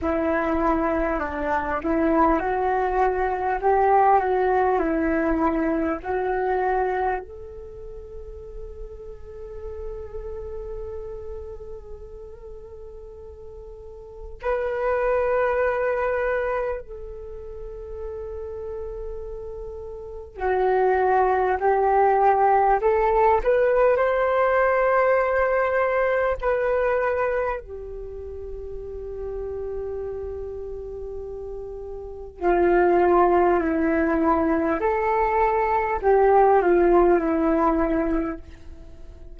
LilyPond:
\new Staff \with { instrumentName = "flute" } { \time 4/4 \tempo 4 = 50 e'4 d'8 e'8 fis'4 g'8 fis'8 | e'4 fis'4 a'2~ | a'1 | b'2 a'2~ |
a'4 fis'4 g'4 a'8 b'8 | c''2 b'4 g'4~ | g'2. f'4 | e'4 a'4 g'8 f'8 e'4 | }